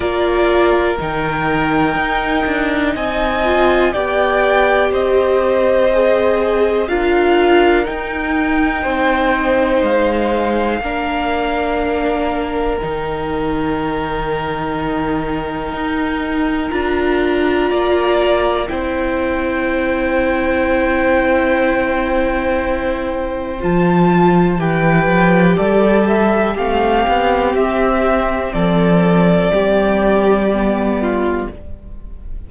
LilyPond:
<<
  \new Staff \with { instrumentName = "violin" } { \time 4/4 \tempo 4 = 61 d''4 g''2 gis''4 | g''4 dis''2 f''4 | g''2 f''2~ | f''4 g''2.~ |
g''4 ais''2 g''4~ | g''1 | a''4 g''4 d''8 e''8 f''4 | e''4 d''2. | }
  \new Staff \with { instrumentName = "violin" } { \time 4/4 ais'2. dis''4 | d''4 c''2 ais'4~ | ais'4 c''2 ais'4~ | ais'1~ |
ais'2 d''4 c''4~ | c''1~ | c''4 b'4 a'4 g'4~ | g'4 a'4 g'4. f'8 | }
  \new Staff \with { instrumentName = "viola" } { \time 4/4 f'4 dis'2~ dis'8 f'8 | g'2 gis'4 f'4 | dis'2. d'4~ | d'4 dis'2.~ |
dis'4 f'2 e'4~ | e'1 | f'4 g'2 c'4~ | c'2. b4 | }
  \new Staff \with { instrumentName = "cello" } { \time 4/4 ais4 dis4 dis'8 d'8 c'4 | b4 c'2 d'4 | dis'4 c'4 gis4 ais4~ | ais4 dis2. |
dis'4 d'4 ais4 c'4~ | c'1 | f4 e8 f8 g4 a8 b8 | c'4 f4 g2 | }
>>